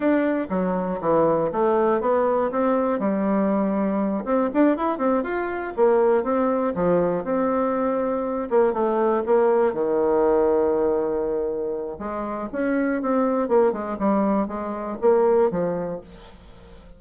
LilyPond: \new Staff \with { instrumentName = "bassoon" } { \time 4/4 \tempo 4 = 120 d'4 fis4 e4 a4 | b4 c'4 g2~ | g8 c'8 d'8 e'8 c'8 f'4 ais8~ | ais8 c'4 f4 c'4.~ |
c'4 ais8 a4 ais4 dis8~ | dis1 | gis4 cis'4 c'4 ais8 gis8 | g4 gis4 ais4 f4 | }